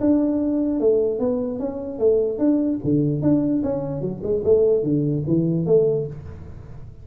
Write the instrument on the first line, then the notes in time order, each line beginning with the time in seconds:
tuba
0.00 D4
0.80 A3
1.19 B3
1.59 C#4
1.98 A3
2.38 D4
2.84 D3
3.22 D4
3.63 C#4
4.01 F#3
4.23 G#3
4.44 A3
4.83 D3
5.27 E3
5.66 A3